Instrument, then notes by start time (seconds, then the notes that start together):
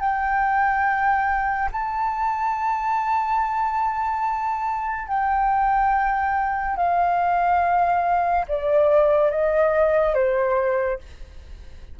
flute
0.00 G5
1.72 A5
5.07 G5
6.76 F5
8.48 D5
9.31 D#5
10.14 C5